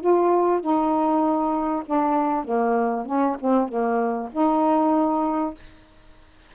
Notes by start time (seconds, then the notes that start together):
0.00 F4
0.61 D#4
1.85 D4
2.44 A#3
3.06 C#4
3.40 C4
3.68 A#3
4.32 D#4